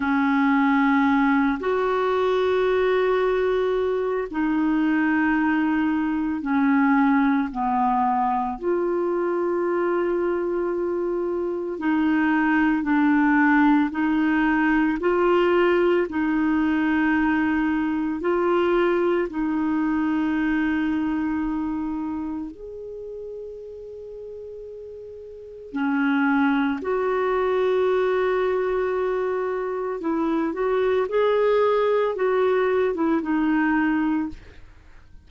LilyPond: \new Staff \with { instrumentName = "clarinet" } { \time 4/4 \tempo 4 = 56 cis'4. fis'2~ fis'8 | dis'2 cis'4 b4 | f'2. dis'4 | d'4 dis'4 f'4 dis'4~ |
dis'4 f'4 dis'2~ | dis'4 gis'2. | cis'4 fis'2. | e'8 fis'8 gis'4 fis'8. e'16 dis'4 | }